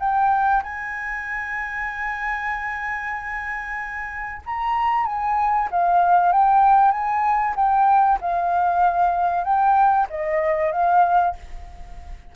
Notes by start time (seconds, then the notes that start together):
0.00 G5
0.63 G#5
4.46 A#5
5.06 G#5
5.71 F5
6.33 G5
6.92 G#5
7.56 G5
8.21 F5
9.44 G5
10.10 D#5
10.72 F5